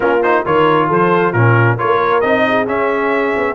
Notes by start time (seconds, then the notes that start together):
0.00 A#3 C#4 F4 A#4
0.22 D#4 C5
0.45 D#3 F4 A#4 C#5
0.87 F3 A4 C5
1.31 A#2 C#4 F4 A#4
1.76 F4 A#4 C#5
1.82 A#3
2.20 C4 D#4 D#5
2.47 G#4
2.66 C#4 E5
3.36 B3